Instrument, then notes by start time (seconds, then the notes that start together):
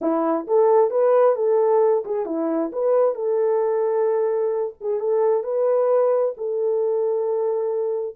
horn
0.01 E4
0.47 A4
0.90 B4
1.35 A4
2.05 G#4
2.25 E4
2.72 B4
3.15 A4
4.80 G#4
4.99 A4
5.43 B4
6.37 A4